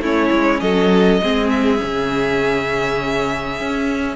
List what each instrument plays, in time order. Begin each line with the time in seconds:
0.00 cello A3, viola C#4, violin E4 C#5
0.31 cello G#3
0.61 cello F#3, violin A4 D#5
1.22 cello G#3, viola C4, violin G#4
1.50 violin E5
1.78 cello C#3, viola C#4
3.61 cello C#4